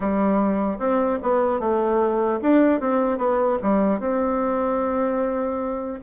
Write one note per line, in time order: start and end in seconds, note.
0.00 0.78 G3
0.78 1.18 C4
1.22 1.59 B3
1.59 2.39 A3
2.42 2.80 D4
2.80 3.17 C4
3.17 3.57 B3
3.62 3.99 G3
3.99 5.99 C4